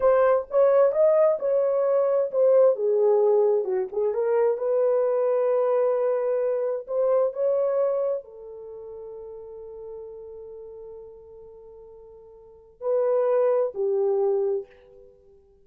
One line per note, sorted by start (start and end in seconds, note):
0.00 0.46 C5
0.50 0.92 C#5
0.92 1.37 D#5
1.39 2.30 C#5
2.31 2.75 C5
2.75 3.64 G#4
3.64 3.87 F#4
3.92 4.14 G#4
4.14 4.57 A#4
4.57 6.86 B4
6.87 7.33 C5
7.33 8.23 C#5
8.23 12.81 A4
12.81 13.72 B4
13.74 14.66 G4